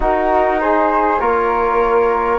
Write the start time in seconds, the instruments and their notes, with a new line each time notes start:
0.00 trombone D#4, bassoon D#4, flute F#4 A#4
0.60 flute G#4 C5
1.19 bassoon A#3, trombone F4, flute A#4 C#5